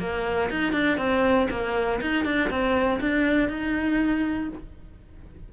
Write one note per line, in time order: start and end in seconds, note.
0.00 0.50 A#3
0.50 0.73 D#4
0.73 0.98 D4
0.98 1.48 C4
1.51 2.01 A#3
2.02 2.25 D#4
2.25 2.50 D4
2.50 3.00 C4
3.01 3.49 D4
3.49 4.49 D#4